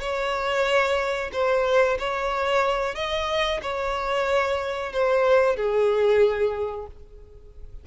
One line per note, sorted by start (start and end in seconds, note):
0.00 1.30 C#5
1.33 1.98 C5
1.99 2.95 C#5
2.95 3.60 D#5
3.62 4.92 C#5
4.92 5.56 C5
5.56 6.86 G#4